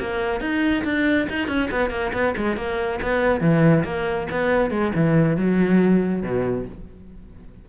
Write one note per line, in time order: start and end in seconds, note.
0.00 0.41 A#3
0.41 0.84 D#4
0.85 1.28 D4
1.30 1.48 D#4
1.48 1.70 C#4
1.71 1.91 B3
1.91 2.12 A#3
2.13 2.35 B3
2.37 2.57 G#3
2.57 3.00 A#3
3.02 3.41 B3
3.41 3.84 E3
3.85 4.28 A#3
4.31 4.71 B3
4.71 4.92 G#3
4.96 5.37 E3
5.37 6.23 F#3
6.23 6.66 B2